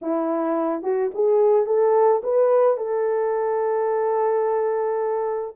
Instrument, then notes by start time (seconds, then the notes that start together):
horn
0.01 E4
0.82 F#4
1.14 G#4
1.66 A4
2.23 B4
2.77 A4